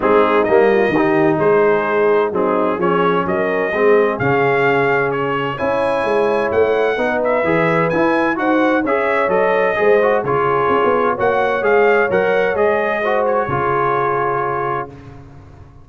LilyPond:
<<
  \new Staff \with { instrumentName = "trumpet" } { \time 4/4 \tempo 4 = 129 gis'4 dis''2 c''4~ | c''4 gis'4 cis''4 dis''4~ | dis''4 f''2 cis''4 | gis''2 fis''4. e''8~ |
e''4 gis''4 fis''4 e''4 | dis''2 cis''2 | fis''4 f''4 fis''4 dis''4~ | dis''8 cis''2.~ cis''8 | }
  \new Staff \with { instrumentName = "horn" } { \time 4/4 dis'4. f'8 g'4 gis'4~ | gis'4 dis'4 gis'4 ais'4 | gis'1 | cis''2. b'4~ |
b'2 c''4 cis''4~ | cis''4 c''4 gis'2 | cis''1 | c''4 gis'2. | }
  \new Staff \with { instrumentName = "trombone" } { \time 4/4 c'4 ais4 dis'2~ | dis'4 c'4 cis'2 | c'4 cis'2. | e'2. dis'4 |
gis'4 e'4 fis'4 gis'4 | a'4 gis'8 fis'8 f'2 | fis'4 gis'4 ais'4 gis'4 | fis'4 f'2. | }
  \new Staff \with { instrumentName = "tuba" } { \time 4/4 gis4 g4 dis4 gis4~ | gis4 fis4 f4 fis4 | gis4 cis2. | cis'4 gis4 a4 b4 |
e4 e'4 dis'4 cis'4 | fis4 gis4 cis4 cis'16 b8. | ais4 gis4 fis4 gis4~ | gis4 cis2. | }
>>